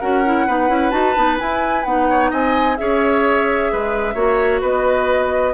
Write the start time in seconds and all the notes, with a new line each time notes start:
0.00 C#4 F#4 A#4 F#5
0.25 E4
0.47 B3 D#4 B4
0.68 C#4 E4
0.91 D#4 F#4 A5
1.16 B3 D#4
1.39 E4 G#5
1.84 B3 D#4 F#5
2.10 C#5
2.31 C4 D#5 G#5
2.77 C#4 G#4 C#5 E5
3.72 G#3 B4
4.15 A#3 F#4 C#5
4.61 B3 B4 D#5